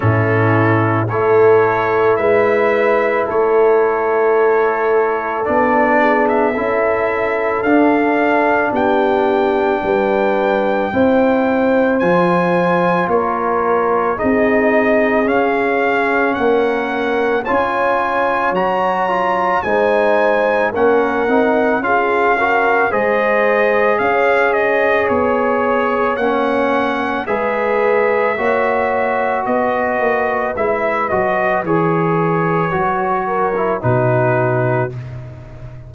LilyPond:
<<
  \new Staff \with { instrumentName = "trumpet" } { \time 4/4 \tempo 4 = 55 a'4 cis''4 e''4 cis''4~ | cis''4 d''8. e''4~ e''16 f''4 | g''2. gis''4 | cis''4 dis''4 f''4 fis''4 |
gis''4 ais''4 gis''4 fis''4 | f''4 dis''4 f''8 dis''8 cis''4 | fis''4 e''2 dis''4 | e''8 dis''8 cis''2 b'4 | }
  \new Staff \with { instrumentName = "horn" } { \time 4/4 e'4 a'4 b'4 a'4~ | a'4. gis'8 a'2 | g'4 b'4 c''2 | ais'4 gis'2 ais'4 |
cis''2 c''4 ais'4 | gis'8 ais'8 c''4 cis''2~ | cis''4 b'4 cis''4 b'4~ | b'2~ b'8 ais'8 fis'4 | }
  \new Staff \with { instrumentName = "trombone" } { \time 4/4 cis'4 e'2.~ | e'4 d'4 e'4 d'4~ | d'2 e'4 f'4~ | f'4 dis'4 cis'2 |
f'4 fis'8 f'8 dis'4 cis'8 dis'8 | f'8 fis'8 gis'2. | cis'4 gis'4 fis'2 | e'8 fis'8 gis'4 fis'8. e'16 dis'4 | }
  \new Staff \with { instrumentName = "tuba" } { \time 4/4 a,4 a4 gis4 a4~ | a4 b4 cis'4 d'4 | b4 g4 c'4 f4 | ais4 c'4 cis'4 ais4 |
cis'4 fis4 gis4 ais8 c'8 | cis'4 gis4 cis'4 b4 | ais4 gis4 ais4 b8 ais8 | gis8 fis8 e4 fis4 b,4 | }
>>